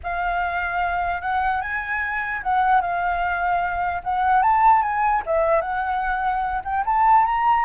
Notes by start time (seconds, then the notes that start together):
0.03 F5
1.21 F#5
1.61 G#5
2.42 F#5
2.81 F5
4.03 F#5
4.42 A5
4.82 G#5
5.26 E5
5.61 F#5
6.64 G5
6.85 A5
7.25 A#5